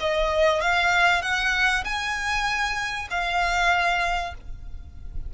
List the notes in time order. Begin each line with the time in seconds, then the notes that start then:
0.00 D#5
0.61 F5
1.22 F#5
1.84 G#5
3.10 F5